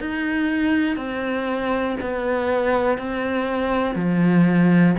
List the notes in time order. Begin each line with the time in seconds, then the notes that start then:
0.00 D#4
0.96 C4
2.01 B3
2.98 C4
3.95 F3